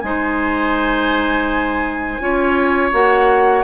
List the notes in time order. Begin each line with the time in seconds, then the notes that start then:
0.00 G#3 D#4 C5 G#5
2.20 C#4 F4 C#5
2.92 A#3 F#4 F#5